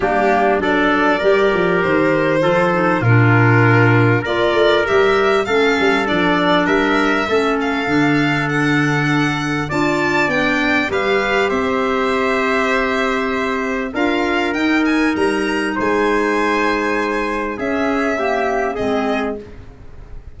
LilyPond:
<<
  \new Staff \with { instrumentName = "violin" } { \time 4/4 \tempo 4 = 99 g'4 d''2 c''4~ | c''4 ais'2 d''4 | e''4 f''4 d''4 e''4~ | e''8 f''4. fis''2 |
a''4 g''4 f''4 e''4~ | e''2. f''4 | g''8 gis''8 ais''4 gis''2~ | gis''4 e''2 dis''4 | }
  \new Staff \with { instrumentName = "trumpet" } { \time 4/4 d'4 a'4 ais'2 | a'4 f'2 ais'4~ | ais'4 a'2 ais'4 | a'1 |
d''2 b'4 c''4~ | c''2. ais'4~ | ais'2 c''2~ | c''4 gis'4 g'4 gis'4 | }
  \new Staff \with { instrumentName = "clarinet" } { \time 4/4 ais4 d'4 g'2 | f'8 dis'8 d'2 f'4 | g'4 cis'4 d'2 | cis'4 d'2. |
f'4 d'4 g'2~ | g'2. f'4 | dis'1~ | dis'4 cis'4 ais4 c'4 | }
  \new Staff \with { instrumentName = "tuba" } { \time 4/4 g4 fis4 g8 f8 dis4 | f4 ais,2 ais8 a8 | g4 a8 g8 f4 g4 | a4 d2. |
d'4 b4 g4 c'4~ | c'2. d'4 | dis'4 g4 gis2~ | gis4 cis'2 gis4 | }
>>